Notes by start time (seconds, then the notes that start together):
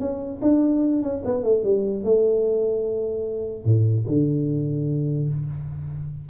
0.00 C#4
0.42 D4
1.03 C#4
1.25 B3
1.44 A3
1.64 G3
2.04 A3
3.65 A2
4.08 D3